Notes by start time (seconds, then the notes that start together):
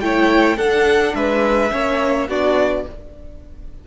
0.00 A3 E4 C#5 G5
0.56 D4 A4 F#5
1.14 G#3 B4 E5
1.70 A#3 C#4 C#5
2.28 B3 D4 F#4 D5